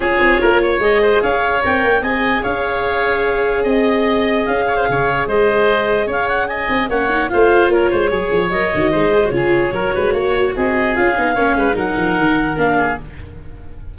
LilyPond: <<
  \new Staff \with { instrumentName = "clarinet" } { \time 4/4 \tempo 4 = 148 cis''2 dis''4 f''4 | g''4 gis''4 f''2~ | f''4 dis''2 f''4~ | f''4 dis''2 f''8 fis''8 |
gis''4 fis''4 f''4 cis''4~ | cis''4 dis''2 cis''4~ | cis''2 dis''4 f''4~ | f''4 fis''2 f''4 | }
  \new Staff \with { instrumentName = "oboe" } { \time 4/4 gis'4 ais'8 cis''4 c''8 cis''4~ | cis''4 dis''4 cis''2~ | cis''4 dis''2~ dis''8 cis''16 c''16 | cis''4 c''2 cis''4 |
dis''4 cis''4 c''4 ais'8 c''8 | cis''2 c''4 gis'4 | ais'8 b'8 cis''4 gis'2 | cis''8 b'8 ais'2~ ais'8 gis'8 | }
  \new Staff \with { instrumentName = "viola" } { \time 4/4 f'2 gis'2 | ais'4 gis'2.~ | gis'1~ | gis'1~ |
gis'4 cis'8 dis'8 f'2 | gis'4 ais'8 fis'8 dis'8 gis'16 fis'16 f'4 | fis'2. f'8 dis'8 | cis'4 dis'2 d'4 | }
  \new Staff \with { instrumentName = "tuba" } { \time 4/4 cis'8 c'8 ais4 gis4 cis'4 | c'8 ais8 c'4 cis'2~ | cis'4 c'2 cis'4 | cis4 gis2 cis'4~ |
cis'8 c'8 ais4 a4 ais8 gis8 | fis8 f8 fis8 dis8 gis4 cis4 | fis8 gis8 ais4 c'4 cis'8 b8 | ais8 gis8 fis8 f8 dis4 ais4 | }
>>